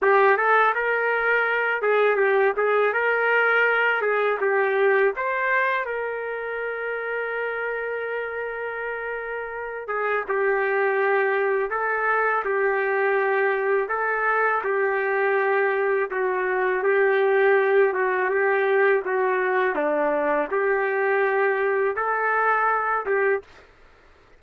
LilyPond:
\new Staff \with { instrumentName = "trumpet" } { \time 4/4 \tempo 4 = 82 g'8 a'8 ais'4. gis'8 g'8 gis'8 | ais'4. gis'8 g'4 c''4 | ais'1~ | ais'4. gis'8 g'2 |
a'4 g'2 a'4 | g'2 fis'4 g'4~ | g'8 fis'8 g'4 fis'4 d'4 | g'2 a'4. g'8 | }